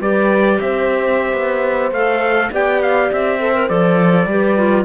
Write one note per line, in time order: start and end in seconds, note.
0.00 0.59 G3
0.00 1.93 G4
0.00 0.59 B4
0.00 0.60 D5
0.60 1.33 C4
0.60 2.52 C5
0.60 1.93 E5
1.33 1.91 B3
1.91 2.50 A3
1.91 2.52 A4
1.91 2.52 F5
2.52 3.11 B3
2.52 3.39 G4
2.52 3.40 D5
2.52 2.82 G5
2.82 3.12 F5
3.12 3.70 C4
3.12 3.69 E5
3.39 3.54 A4
3.39 4.29 C5
3.54 3.69 A#4
3.69 4.26 F3
3.69 4.28 A4
3.69 4.85 D5
4.26 4.85 G3
4.26 4.57 G4
4.26 4.85 B4
4.57 4.85 F4